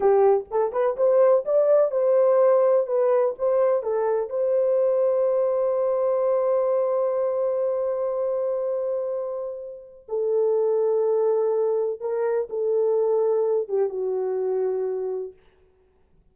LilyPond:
\new Staff \with { instrumentName = "horn" } { \time 4/4 \tempo 4 = 125 g'4 a'8 b'8 c''4 d''4 | c''2 b'4 c''4 | a'4 c''2.~ | c''1~ |
c''1~ | c''4 a'2.~ | a'4 ais'4 a'2~ | a'8 g'8 fis'2. | }